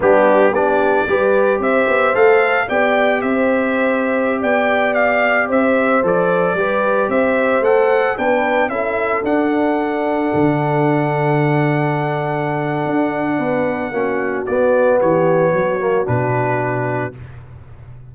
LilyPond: <<
  \new Staff \with { instrumentName = "trumpet" } { \time 4/4 \tempo 4 = 112 g'4 d''2 e''4 | f''4 g''4 e''2~ | e''16 g''4 f''4 e''4 d''8.~ | d''4~ d''16 e''4 fis''4 g''8.~ |
g''16 e''4 fis''2~ fis''8.~ | fis''1~ | fis''2. d''4 | cis''2 b'2 | }
  \new Staff \with { instrumentName = "horn" } { \time 4/4 d'4 g'4 b'4 c''4~ | c''4 d''4 c''2~ | c''16 d''2 c''4.~ c''16~ | c''16 b'4 c''2 b'8.~ |
b'16 a'2.~ a'8.~ | a'1~ | a'4 b'4 fis'2 | g'4 fis'2. | }
  \new Staff \with { instrumentName = "trombone" } { \time 4/4 b4 d'4 g'2 | a'4 g'2.~ | g'2.~ g'16 a'8.~ | a'16 g'2 a'4 d'8.~ |
d'16 e'4 d'2~ d'8.~ | d'1~ | d'2 cis'4 b4~ | b4. ais8 d'2 | }
  \new Staff \with { instrumentName = "tuba" } { \time 4/4 g4 b4 g4 c'8 b8 | a4 b4 c'2~ | c'16 b2 c'4 f8.~ | f16 g4 c'4 a4 b8.~ |
b16 cis'4 d'2 d8.~ | d1 | d'4 b4 ais4 b4 | e4 fis4 b,2 | }
>>